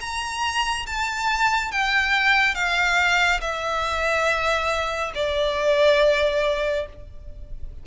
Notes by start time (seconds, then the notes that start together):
0.00 A#5
0.86 A5
1.71 G5
2.54 F5
3.41 E5
5.15 D5